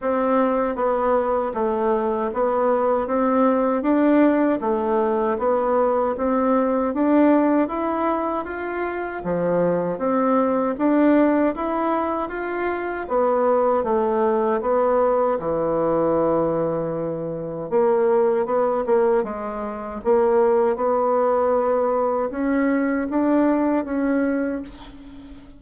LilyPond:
\new Staff \with { instrumentName = "bassoon" } { \time 4/4 \tempo 4 = 78 c'4 b4 a4 b4 | c'4 d'4 a4 b4 | c'4 d'4 e'4 f'4 | f4 c'4 d'4 e'4 |
f'4 b4 a4 b4 | e2. ais4 | b8 ais8 gis4 ais4 b4~ | b4 cis'4 d'4 cis'4 | }